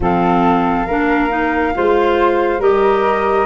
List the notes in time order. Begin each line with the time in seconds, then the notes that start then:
0.00 F3 C4 A4 F5
0.86 A#3 D4 A#4
1.29 D#4
1.74 G#3 F4 C5
2.59 G3 G4 A#4 D#5